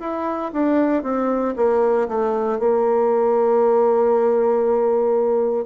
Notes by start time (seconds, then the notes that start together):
0.00 E4
0.53 D4
1.03 C4
1.57 A#3
2.09 A3
2.59 A#3